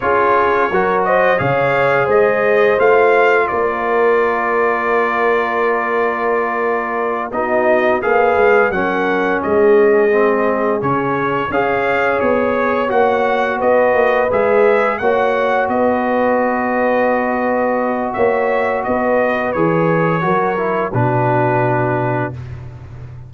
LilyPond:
<<
  \new Staff \with { instrumentName = "trumpet" } { \time 4/4 \tempo 4 = 86 cis''4. dis''8 f''4 dis''4 | f''4 d''2.~ | d''2~ d''8 dis''4 f''8~ | f''8 fis''4 dis''2 cis''8~ |
cis''8 f''4 cis''4 fis''4 dis''8~ | dis''8 e''4 fis''4 dis''4.~ | dis''2 e''4 dis''4 | cis''2 b'2 | }
  \new Staff \with { instrumentName = "horn" } { \time 4/4 gis'4 ais'8 c''8 cis''4 c''4~ | c''4 ais'2.~ | ais'2~ ais'8 fis'4 b'8~ | b'8 ais'4 gis'2~ gis'8~ |
gis'8 cis''2. b'8~ | b'4. cis''4 b'4.~ | b'2 cis''4 b'4~ | b'4 ais'4 fis'2 | }
  \new Staff \with { instrumentName = "trombone" } { \time 4/4 f'4 fis'4 gis'2 | f'1~ | f'2~ f'8 dis'4 gis'8~ | gis'8 cis'2 c'4 cis'8~ |
cis'8 gis'2 fis'4.~ | fis'8 gis'4 fis'2~ fis'8~ | fis'1 | gis'4 fis'8 e'8 d'2 | }
  \new Staff \with { instrumentName = "tuba" } { \time 4/4 cis'4 fis4 cis4 gis4 | a4 ais2.~ | ais2~ ais8 b4 ais8 | gis8 fis4 gis2 cis8~ |
cis8 cis'4 b4 ais4 b8 | ais8 gis4 ais4 b4.~ | b2 ais4 b4 | e4 fis4 b,2 | }
>>